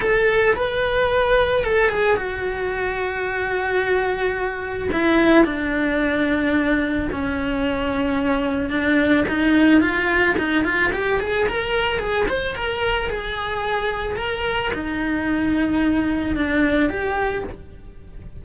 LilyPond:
\new Staff \with { instrumentName = "cello" } { \time 4/4 \tempo 4 = 110 a'4 b'2 a'8 gis'8 | fis'1~ | fis'4 e'4 d'2~ | d'4 cis'2. |
d'4 dis'4 f'4 dis'8 f'8 | g'8 gis'8 ais'4 gis'8 c''8 ais'4 | gis'2 ais'4 dis'4~ | dis'2 d'4 g'4 | }